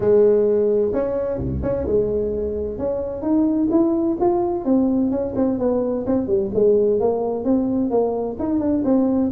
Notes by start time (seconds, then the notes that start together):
0.00 G#3
0.93 C#4
1.38 C2
1.63 C#4
1.86 G#3
2.78 C#4
3.21 D#4
3.70 E4
4.20 F4
4.64 C4
5.10 C#4
5.35 C4
5.59 B3
6.06 C4
6.27 G3
6.54 G#3
7.00 A#3
7.44 C4
7.90 A#3
8.39 D#4
8.59 D4
8.84 C4